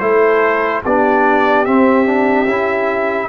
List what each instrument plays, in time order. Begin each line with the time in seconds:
0.00 tuba A3, trombone E4, horn A4, trumpet C5
0.85 tuba B3, trombone D4, horn G4, trumpet D5
1.66 trombone C4, tuba C4, trumpet E5
2.06 trombone D4
2.47 tuba C#4, trombone E4